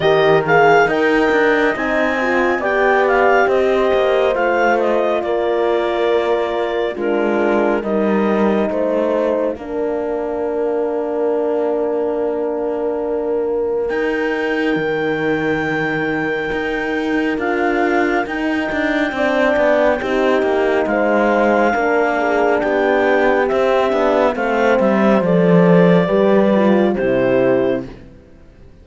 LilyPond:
<<
  \new Staff \with { instrumentName = "clarinet" } { \time 4/4 \tempo 4 = 69 dis''8 f''8 g''4 gis''4 g''8 f''8 | dis''4 f''8 dis''8 d''2 | ais'4 dis''4 f''2~ | f''1 |
g''1 | f''4 g''2. | f''2 g''4 e''4 | f''8 e''8 d''2 c''4 | }
  \new Staff \with { instrumentName = "horn" } { \time 4/4 ais'4 dis''2 d''4 | c''2 ais'2 | f'4 ais'4 c''4 ais'4~ | ais'1~ |
ais'1~ | ais'2 d''4 g'4 | c''4 ais'8 gis'8 g'2 | c''2 b'4 g'4 | }
  \new Staff \with { instrumentName = "horn" } { \time 4/4 g'8 gis'8 ais'4 dis'8 f'8 g'4~ | g'4 f'2. | d'4 dis'2 d'4~ | d'1 |
dis'1 | f'4 dis'4 d'4 dis'4~ | dis'4 d'2 c'8 d'8 | c'4 a'4 g'8 f'8 e'4 | }
  \new Staff \with { instrumentName = "cello" } { \time 4/4 dis4 dis'8 d'8 c'4 b4 | c'8 ais8 a4 ais2 | gis4 g4 a4 ais4~ | ais1 |
dis'4 dis2 dis'4 | d'4 dis'8 d'8 c'8 b8 c'8 ais8 | gis4 ais4 b4 c'8 b8 | a8 g8 f4 g4 c4 | }
>>